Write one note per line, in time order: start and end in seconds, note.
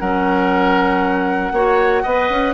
0.00 1.52 F#3
0.00 1.54 C#4
0.00 1.53 A#4
0.00 2.54 F#5
1.52 2.03 A#3
1.52 2.06 F#4
1.52 2.03 C#5
2.03 2.30 B3
2.03 2.55 B4
2.03 2.54 D#5
2.30 2.55 C#4